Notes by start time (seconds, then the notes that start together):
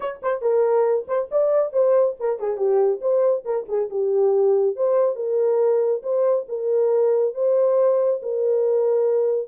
0.00 C#5
0.22 C5
0.41 A#4
1.07 C5
1.31 D5
1.72 C5
2.19 A#4
2.39 G#4
2.57 G4
3.01 C5
3.45 A#4
3.68 G#4
3.89 G4
4.76 C5
5.15 A#4
6.02 C5
6.48 A#4
7.34 C5
8.22 A#4